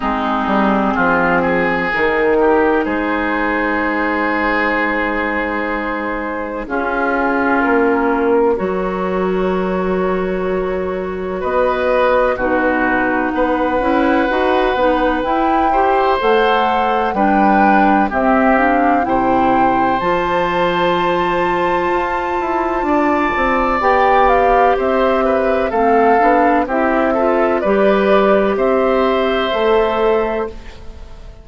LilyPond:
<<
  \new Staff \with { instrumentName = "flute" } { \time 4/4 \tempo 4 = 63 gis'2 ais'4 c''4~ | c''2. gis'4 | ais'4 cis''2. | dis''4 b'4 fis''2 |
g''4 fis''4 g''4 e''8 f''8 | g''4 a''2.~ | a''4 g''8 f''8 e''4 f''4 | e''4 d''4 e''2 | }
  \new Staff \with { instrumentName = "oboe" } { \time 4/4 dis'4 f'8 gis'4 g'8 gis'4~ | gis'2. f'4~ | f'4 ais'2. | b'4 fis'4 b'2~ |
b'8 c''4. b'4 g'4 | c''1 | d''2 c''8 b'8 a'4 | g'8 a'8 b'4 c''2 | }
  \new Staff \with { instrumentName = "clarinet" } { \time 4/4 c'2 dis'2~ | dis'2. cis'4~ | cis'4 fis'2.~ | fis'4 dis'4. e'8 fis'8 dis'8 |
e'8 g'8 a'4 d'4 c'8 d'8 | e'4 f'2.~ | f'4 g'2 c'8 d'8 | e'8 f'8 g'2 a'4 | }
  \new Staff \with { instrumentName = "bassoon" } { \time 4/4 gis8 g8 f4 dis4 gis4~ | gis2. cis'4 | ais4 fis2. | b4 b,4 b8 cis'8 dis'8 b8 |
e'4 a4 g4 c'4 | c4 f2 f'8 e'8 | d'8 c'8 b4 c'4 a8 b8 | c'4 g4 c'4 a4 | }
>>